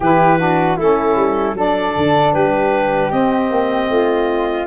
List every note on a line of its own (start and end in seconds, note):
0.00 0.77 E3
0.00 0.38 E4
0.00 0.37 G4
0.00 0.78 B4
0.38 0.77 D4
0.38 0.76 F#4
0.76 1.15 A3
0.76 1.55 C#4
0.76 1.54 E4
0.76 1.56 A4
1.15 1.53 G3
1.53 1.92 F#3
1.53 3.10 D4
1.53 2.33 A4
1.59 2.33 D5
1.96 2.34 D3
2.33 3.12 G3
2.33 3.89 G4
2.33 3.11 B4
3.10 4.66 C4
3.10 3.50 C4
3.10 4.66 D#5
3.50 3.89 A#3
3.89 4.66 A3
3.89 4.66 F4